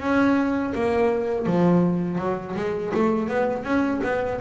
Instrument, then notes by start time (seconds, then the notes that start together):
double bass
0.00 C#4
0.74 A#3
1.46 F3
2.18 F#3
2.55 G#3
2.94 A3
3.28 B3
3.64 C#4
4.03 B3